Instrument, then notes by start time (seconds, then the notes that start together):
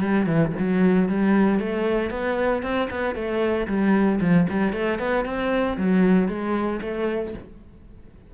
cello
0.00 G3
0.26 E3
0.59 F#3
1.08 G3
1.59 A3
2.10 B3
2.62 C4
2.90 B3
3.14 A3
3.67 G3
4.20 F3
4.49 G3
4.73 A3
4.98 B3
5.24 C4
5.77 F#3
6.28 G#3
6.81 A3